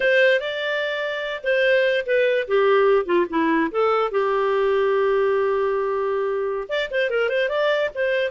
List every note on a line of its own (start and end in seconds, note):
0.00 0.40 C5
0.40 1.42 D5
1.43 2.05 C5
2.06 2.47 B4
2.47 3.05 G4
3.05 3.26 F4
3.29 3.70 E4
3.71 4.11 A4
4.11 6.68 G4
6.69 6.89 D5
6.90 7.10 C5
7.10 7.29 A#4
7.29 7.48 C5
7.48 7.89 D5
7.94 8.30 C5